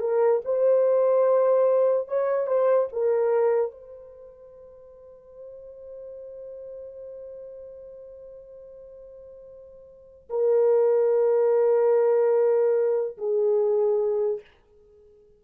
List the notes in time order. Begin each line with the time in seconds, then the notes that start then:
0.00 A#4
0.45 C5
2.08 C#5
2.47 C5
2.93 A#4
3.71 C5
10.30 A#4
13.18 G#4